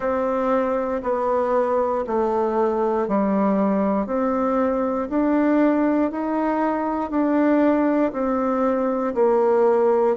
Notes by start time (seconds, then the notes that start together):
0.00 C4
1.03 B3
2.07 A3
3.07 G3
4.06 C4
5.09 D4
6.11 D#4
7.10 D4
8.12 C4
9.14 A#3